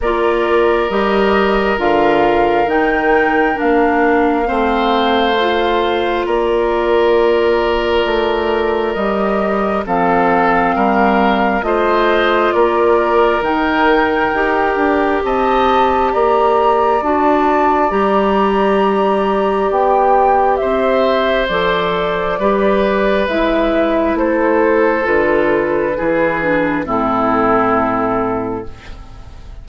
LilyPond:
<<
  \new Staff \with { instrumentName = "flute" } { \time 4/4 \tempo 4 = 67 d''4 dis''4 f''4 g''4 | f''2. d''4~ | d''2 dis''4 f''4~ | f''4 dis''4 d''4 g''4~ |
g''4 a''4 ais''4 a''4 | ais''2 g''4 e''4 | d''2 e''4 c''4 | b'2 a'2 | }
  \new Staff \with { instrumentName = "oboe" } { \time 4/4 ais'1~ | ais'4 c''2 ais'4~ | ais'2. a'4 | ais'4 c''4 ais'2~ |
ais'4 dis''4 d''2~ | d''2. c''4~ | c''4 b'2 a'4~ | a'4 gis'4 e'2 | }
  \new Staff \with { instrumentName = "clarinet" } { \time 4/4 f'4 g'4 f'4 dis'4 | d'4 c'4 f'2~ | f'2 g'4 c'4~ | c'4 f'2 dis'4 |
g'2. fis'4 | g'1 | a'4 g'4 e'2 | f'4 e'8 d'8 c'2 | }
  \new Staff \with { instrumentName = "bassoon" } { \time 4/4 ais4 g4 d4 dis4 | ais4 a2 ais4~ | ais4 a4 g4 f4 | g4 a4 ais4 dis4 |
dis'8 d'8 c'4 ais4 d'4 | g2 b4 c'4 | f4 g4 gis4 a4 | d4 e4 a,2 | }
>>